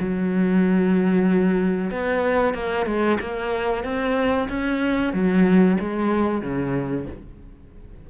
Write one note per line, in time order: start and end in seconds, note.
0.00 1.91 F#3
1.91 2.54 B3
2.54 2.86 A#3
2.86 3.18 G#3
3.21 3.84 A#3
3.84 4.49 C4
4.49 5.13 C#4
5.13 5.78 F#3
5.80 6.42 G#3
6.42 7.06 C#3